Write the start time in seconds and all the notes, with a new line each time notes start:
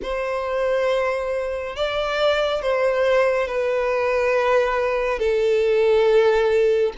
0.02 C5
1.75 D5
2.61 C5
3.47 B4
5.19 A4